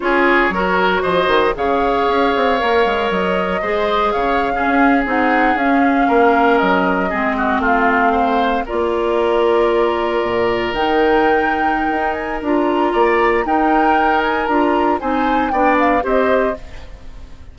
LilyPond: <<
  \new Staff \with { instrumentName = "flute" } { \time 4/4 \tempo 4 = 116 cis''2 dis''4 f''4~ | f''2 dis''2 | f''4.~ f''16 fis''4 f''4~ f''16~ | f''8. dis''2 f''4~ f''16~ |
f''8. d''2.~ d''16~ | d''8. g''2~ g''8. gis''8 | ais''2 g''4. gis''8 | ais''4 gis''4 g''8 f''8 dis''4 | }
  \new Staff \with { instrumentName = "oboe" } { \time 4/4 gis'4 ais'4 c''4 cis''4~ | cis''2. c''4 | cis''8. gis'2. ais'16~ | ais'4.~ ais'16 gis'8 fis'8 f'4 c''16~ |
c''8. ais'2.~ ais'16~ | ais'1~ | ais'4 d''4 ais'2~ | ais'4 c''4 d''4 c''4 | }
  \new Staff \with { instrumentName = "clarinet" } { \time 4/4 f'4 fis'2 gis'4~ | gis'4 ais'2 gis'4~ | gis'8. cis'4 dis'4 cis'4~ cis'16~ | cis'4.~ cis'16 c'2~ c'16~ |
c'8. f'2.~ f'16~ | f'8. dis'2.~ dis'16 | f'2 dis'2 | f'4 dis'4 d'4 g'4 | }
  \new Staff \with { instrumentName = "bassoon" } { \time 4/4 cis'4 fis4 f8 dis8 cis4 | cis'8 c'8 ais8 gis8 fis4 gis4 | cis4 cis'8. c'4 cis'4 ais16~ | ais8. fis4 gis4 a4~ a16~ |
a8. ais2. ais,16~ | ais,8. dis2~ dis16 dis'4 | d'4 ais4 dis'2 | d'4 c'4 b4 c'4 | }
>>